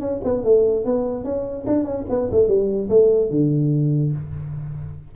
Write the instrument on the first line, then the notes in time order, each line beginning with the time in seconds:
tuba
0.00 C#4
0.24 B3
0.44 A3
0.85 B3
1.24 C#4
1.66 D4
1.84 C#4
2.09 B3
2.31 A3
2.48 G3
2.89 A3
3.30 D3